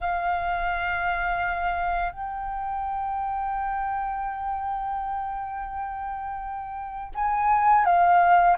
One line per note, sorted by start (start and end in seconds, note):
0.00 2.12 F5
2.12 7.12 G5
7.14 7.85 G#5
7.85 8.56 F5